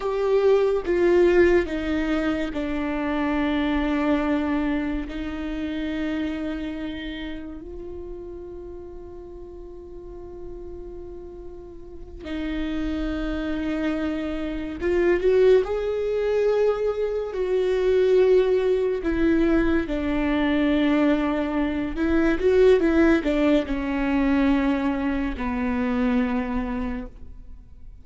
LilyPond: \new Staff \with { instrumentName = "viola" } { \time 4/4 \tempo 4 = 71 g'4 f'4 dis'4 d'4~ | d'2 dis'2~ | dis'4 f'2.~ | f'2~ f'8 dis'4.~ |
dis'4. f'8 fis'8 gis'4.~ | gis'8 fis'2 e'4 d'8~ | d'2 e'8 fis'8 e'8 d'8 | cis'2 b2 | }